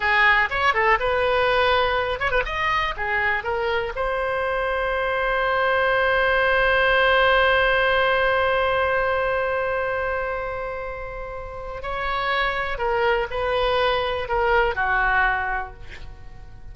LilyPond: \new Staff \with { instrumentName = "oboe" } { \time 4/4 \tempo 4 = 122 gis'4 cis''8 a'8 b'2~ | b'8 cis''16 b'16 dis''4 gis'4 ais'4 | c''1~ | c''1~ |
c''1~ | c''1 | cis''2 ais'4 b'4~ | b'4 ais'4 fis'2 | }